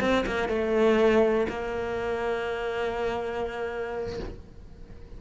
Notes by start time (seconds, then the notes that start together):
0.00 C4
0.26 A#3
0.49 A3
1.49 A#3